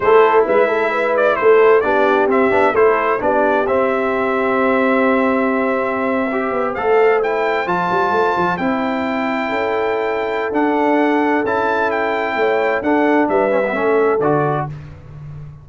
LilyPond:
<<
  \new Staff \with { instrumentName = "trumpet" } { \time 4/4 \tempo 4 = 131 c''4 e''4. d''8 c''4 | d''4 e''4 c''4 d''4 | e''1~ | e''2~ e''8. f''4 g''16~ |
g''8. a''2 g''4~ g''16~ | g''2. fis''4~ | fis''4 a''4 g''2 | fis''4 e''2 d''4 | }
  \new Staff \with { instrumentName = "horn" } { \time 4/4 a'4 b'8 a'8 b'4 a'4 | g'2 a'4 g'4~ | g'1~ | g'4.~ g'16 c''2~ c''16~ |
c''1~ | c''8. a'2.~ a'16~ | a'2. cis''4 | a'4 b'4 a'2 | }
  \new Staff \with { instrumentName = "trombone" } { \time 4/4 e'1 | d'4 c'8 d'8 e'4 d'4 | c'1~ | c'4.~ c'16 g'4 a'4 e'16~ |
e'8. f'2 e'4~ e'16~ | e'2. d'4~ | d'4 e'2. | d'4. cis'16 b16 cis'4 fis'4 | }
  \new Staff \with { instrumentName = "tuba" } { \time 4/4 a4 gis2 a4 | b4 c'8 b8 a4 b4 | c'1~ | c'2~ c'16 b8 a4~ a16~ |
a8. f8 g8 a8 f8 c'4~ c'16~ | c'8. cis'2~ cis'16 d'4~ | d'4 cis'2 a4 | d'4 g4 a4 d4 | }
>>